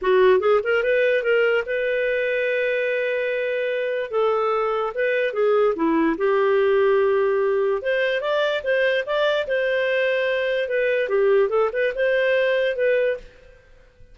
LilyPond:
\new Staff \with { instrumentName = "clarinet" } { \time 4/4 \tempo 4 = 146 fis'4 gis'8 ais'8 b'4 ais'4 | b'1~ | b'2 a'2 | b'4 gis'4 e'4 g'4~ |
g'2. c''4 | d''4 c''4 d''4 c''4~ | c''2 b'4 g'4 | a'8 b'8 c''2 b'4 | }